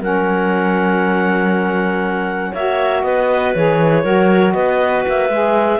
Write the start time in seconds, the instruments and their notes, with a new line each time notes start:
0.00 cello F#3, saxophone C#4, clarinet A#4 F#5
2.51 cello A#3, saxophone F#4, clarinet C#5 E5
3.03 cello B3, clarinet B4 D#5
3.54 cello E3, saxophone G#4, clarinet C#5
4.03 cello F#3, saxophone F#4, clarinet A#4
4.53 cello B3, clarinet B4 D#5
5.08 cello A#3, clarinet E5
5.29 cello G#3, saxophone G#4